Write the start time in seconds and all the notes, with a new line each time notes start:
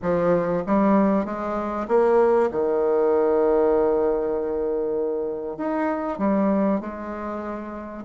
0.01 F3
0.66 G3
1.25 G#3
1.88 A#3
2.51 D#3
5.57 D#4
6.18 G3
6.80 G#3